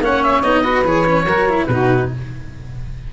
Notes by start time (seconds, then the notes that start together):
0.00 A#3 C#4 C#5 F#5
0.24 E5
0.42 B3 D#4 D#5
0.62 F#4 B4
0.84 E3 G#4 C#5
1.07 C#4
1.25 F#3 F#4 A#4
1.49 E4
1.66 B2 D#4 F#4 B4